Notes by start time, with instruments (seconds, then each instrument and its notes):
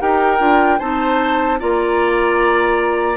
0.00 bassoon D#4, clarinet G4, oboe A#4, flute G5
0.39 bassoon D4, clarinet F4
0.79 bassoon C4, clarinet D#4, oboe C5, flute A5
1.59 bassoon A#3, clarinet F4, oboe D5, flute A#5